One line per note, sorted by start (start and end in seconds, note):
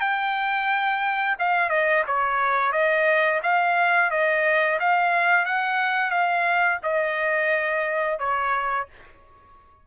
0.00 1.36 G5
1.39 1.70 F5
1.70 2.04 D#5
2.07 2.72 C#5
2.72 3.41 D#5
3.43 4.11 F5
4.11 4.79 D#5
4.80 5.46 F5
5.46 6.11 F#5
6.11 6.79 F5
6.83 8.19 D#5
8.19 8.87 C#5